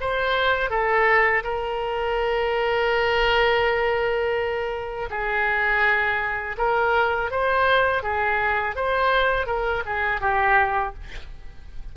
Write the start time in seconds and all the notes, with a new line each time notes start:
0.00 C5
0.70 A4
1.43 A#4
5.10 G#4
6.57 A#4
7.30 C5
8.03 G#4
8.75 C5
9.46 A#4
9.85 G#4
10.20 G4